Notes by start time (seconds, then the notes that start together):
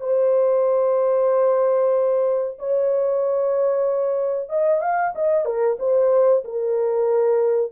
0.00 C5
2.59 C#5
4.49 D#5
4.81 F5
5.15 D#5
5.45 A#4
5.79 C5
6.44 A#4